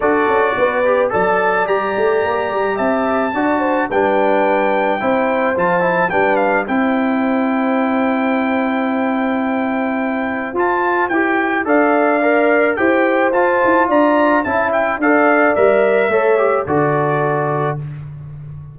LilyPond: <<
  \new Staff \with { instrumentName = "trumpet" } { \time 4/4 \tempo 4 = 108 d''2 a''4 ais''4~ | ais''4 a''2 g''4~ | g''2 a''4 g''8 f''8 | g''1~ |
g''2. a''4 | g''4 f''2 g''4 | a''4 ais''4 a''8 g''8 f''4 | e''2 d''2 | }
  \new Staff \with { instrumentName = "horn" } { \time 4/4 a'4 b'4 d''2~ | d''4 e''4 d''8 c''8 b'4~ | b'4 c''2 b'4 | c''1~ |
c''1~ | c''4 d''2 c''4~ | c''4 d''4 e''4 d''4~ | d''4 cis''4 a'2 | }
  \new Staff \with { instrumentName = "trombone" } { \time 4/4 fis'4. g'8 a'4 g'4~ | g'2 fis'4 d'4~ | d'4 e'4 f'8 e'8 d'4 | e'1~ |
e'2. f'4 | g'4 a'4 ais'4 g'4 | f'2 e'4 a'4 | ais'4 a'8 g'8 fis'2 | }
  \new Staff \with { instrumentName = "tuba" } { \time 4/4 d'8 cis'8 b4 fis4 g8 a8 | ais8 g8 c'4 d'4 g4~ | g4 c'4 f4 g4 | c'1~ |
c'2. f'4 | e'4 d'2 e'4 | f'8 e'8 d'4 cis'4 d'4 | g4 a4 d2 | }
>>